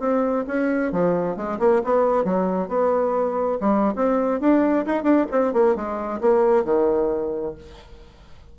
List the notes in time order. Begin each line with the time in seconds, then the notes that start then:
0.00 C4
0.47 C#4
0.92 F3
1.37 G#3
1.60 A#3
1.84 B3
2.25 F#3
2.69 B3
3.60 G3
3.96 C4
4.41 D4
4.86 D#4
5.04 D4
5.31 C4
5.53 A#3
5.76 G#3
6.21 A#3
6.65 D#3